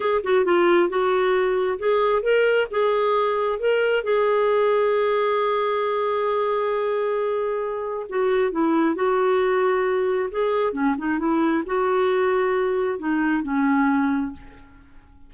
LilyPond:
\new Staff \with { instrumentName = "clarinet" } { \time 4/4 \tempo 4 = 134 gis'8 fis'8 f'4 fis'2 | gis'4 ais'4 gis'2 | ais'4 gis'2.~ | gis'1~ |
gis'2 fis'4 e'4 | fis'2. gis'4 | cis'8 dis'8 e'4 fis'2~ | fis'4 dis'4 cis'2 | }